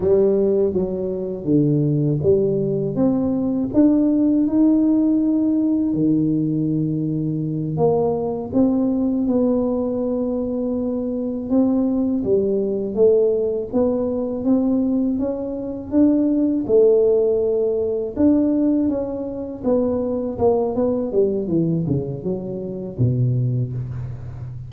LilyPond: \new Staff \with { instrumentName = "tuba" } { \time 4/4 \tempo 4 = 81 g4 fis4 d4 g4 | c'4 d'4 dis'2 | dis2~ dis8 ais4 c'8~ | c'8 b2. c'8~ |
c'8 g4 a4 b4 c'8~ | c'8 cis'4 d'4 a4.~ | a8 d'4 cis'4 b4 ais8 | b8 g8 e8 cis8 fis4 b,4 | }